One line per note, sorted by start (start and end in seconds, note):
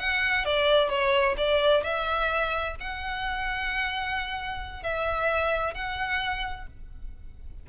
0.00 0.46 F#5
0.46 0.90 D5
0.90 1.36 C#5
1.38 1.84 D5
1.84 2.76 E5
2.81 4.83 F#5
4.83 5.75 E5
5.75 6.67 F#5